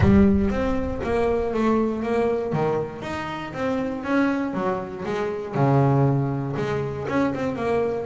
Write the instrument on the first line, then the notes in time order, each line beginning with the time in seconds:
double bass
0.00 G3
0.50 C4
1.03 A#3
1.53 A3
2.02 A#3
2.52 D#3
3.02 D#4
3.53 C4
4.03 C#4
4.53 F#3
5.05 G#3
5.55 C#3
6.56 G#3
7.08 C#4
7.34 C4
7.56 A#3